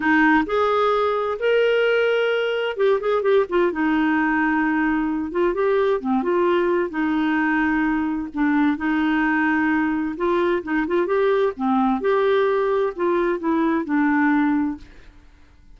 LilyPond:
\new Staff \with { instrumentName = "clarinet" } { \time 4/4 \tempo 4 = 130 dis'4 gis'2 ais'4~ | ais'2 g'8 gis'8 g'8 f'8 | dis'2.~ dis'8 f'8 | g'4 c'8 f'4. dis'4~ |
dis'2 d'4 dis'4~ | dis'2 f'4 dis'8 f'8 | g'4 c'4 g'2 | f'4 e'4 d'2 | }